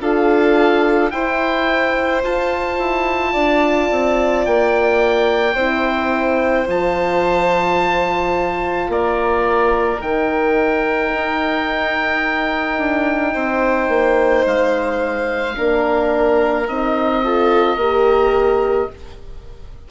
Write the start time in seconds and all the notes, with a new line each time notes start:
0.00 D4 F4 A4 F5
1.10 E4 C5 G5
2.23 F4 A5
2.78 E4
3.32 D4 D5
3.91 C4
4.45 A#3 G5
5.54 C4 E4 C5
6.66 F3 F4 A5
8.88 A#3 A#4 D5
9.99 D#3 D#4 G5
11.14 D#4
12.78 D4
13.33 C4 C5
13.88 A#3
14.45 G#3 F5
15.56 A#3 D4 A#4
16.68 C4 D#4 D#5
17.23 F4 A4
17.76 A#3 G4 A#4